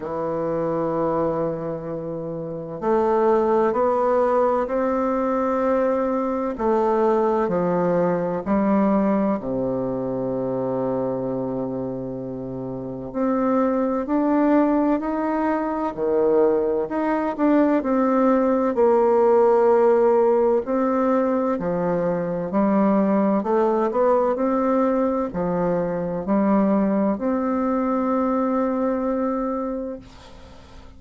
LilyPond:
\new Staff \with { instrumentName = "bassoon" } { \time 4/4 \tempo 4 = 64 e2. a4 | b4 c'2 a4 | f4 g4 c2~ | c2 c'4 d'4 |
dis'4 dis4 dis'8 d'8 c'4 | ais2 c'4 f4 | g4 a8 b8 c'4 f4 | g4 c'2. | }